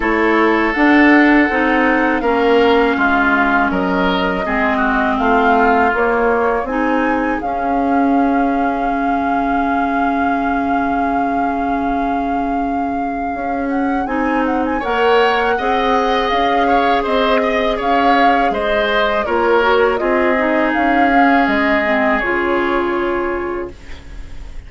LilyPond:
<<
  \new Staff \with { instrumentName = "flute" } { \time 4/4 \tempo 4 = 81 cis''4 fis''2 f''4~ | f''4 dis''2 f''4 | cis''4 gis''4 f''2~ | f''1~ |
f''2~ f''8 fis''8 gis''8 fis''16 gis''16 | fis''2 f''4 dis''4 | f''4 dis''4 cis''4 dis''4 | f''4 dis''4 cis''2 | }
  \new Staff \with { instrumentName = "oboe" } { \time 4/4 a'2. ais'4 | f'4 ais'4 gis'8 fis'8 f'4~ | f'4 gis'2.~ | gis'1~ |
gis'1 | cis''4 dis''4. cis''8 c''8 dis''8 | cis''4 c''4 ais'4 gis'4~ | gis'1 | }
  \new Staff \with { instrumentName = "clarinet" } { \time 4/4 e'4 d'4 dis'4 cis'4~ | cis'2 c'2 | ais4 dis'4 cis'2~ | cis'1~ |
cis'2. dis'4 | ais'4 gis'2.~ | gis'2 f'8 fis'8 f'8 dis'8~ | dis'8 cis'4 c'8 f'2 | }
  \new Staff \with { instrumentName = "bassoon" } { \time 4/4 a4 d'4 c'4 ais4 | gis4 fis4 gis4 a4 | ais4 c'4 cis'2 | cis1~ |
cis2 cis'4 c'4 | ais4 c'4 cis'4 c'4 | cis'4 gis4 ais4 c'4 | cis'4 gis4 cis2 | }
>>